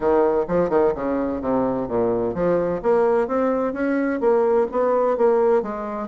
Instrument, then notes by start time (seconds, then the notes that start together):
bassoon
0.00 D#3
0.48 F3
0.69 D#3
0.95 C#3
1.41 C3
1.87 A#2
2.34 F3
2.82 A#3
3.27 C4
3.73 C#4
4.20 A#3
4.71 B3
5.17 A#3
5.62 G#3